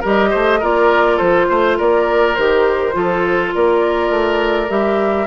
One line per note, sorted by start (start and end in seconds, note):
0.00 0.33 G3
0.00 0.61 G4
0.00 0.29 A#4
0.00 0.63 D#5
0.30 0.62 A3
0.30 0.59 C5
0.59 1.20 A#3
0.59 2.36 F4
0.59 1.16 A#4
0.59 1.18 D5
1.16 1.49 F3
1.16 1.45 A4
1.16 1.76 C5
1.49 1.79 A3
1.49 1.77 C5
1.77 2.37 A#3
1.77 2.94 A#4
1.77 2.34 D5
2.34 2.94 D#3
2.34 2.92 G4
2.34 3.51 C5
2.92 3.52 F3
2.92 4.67 F4
2.92 3.54 A4
3.54 4.10 A#3
3.54 5.27 A#4
3.54 4.70 D5
4.10 4.68 A3
4.69 5.27 G3
4.69 5.27 G4
4.69 5.27 E5